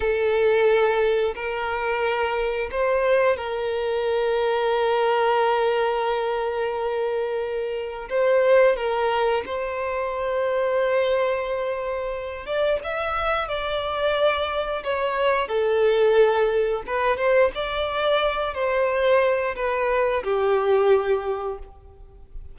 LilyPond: \new Staff \with { instrumentName = "violin" } { \time 4/4 \tempo 4 = 89 a'2 ais'2 | c''4 ais'2.~ | ais'1 | c''4 ais'4 c''2~ |
c''2~ c''8 d''8 e''4 | d''2 cis''4 a'4~ | a'4 b'8 c''8 d''4. c''8~ | c''4 b'4 g'2 | }